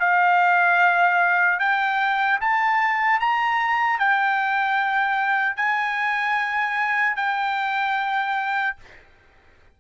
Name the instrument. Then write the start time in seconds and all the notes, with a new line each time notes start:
trumpet
0.00 F5
1.60 G5
2.41 A5
3.20 A#5
3.99 G5
5.57 G#5
7.16 G5